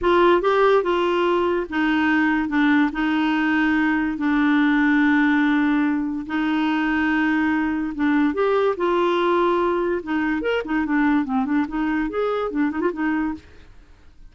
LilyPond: \new Staff \with { instrumentName = "clarinet" } { \time 4/4 \tempo 4 = 144 f'4 g'4 f'2 | dis'2 d'4 dis'4~ | dis'2 d'2~ | d'2. dis'4~ |
dis'2. d'4 | g'4 f'2. | dis'4 ais'8 dis'8 d'4 c'8 d'8 | dis'4 gis'4 d'8 dis'16 f'16 dis'4 | }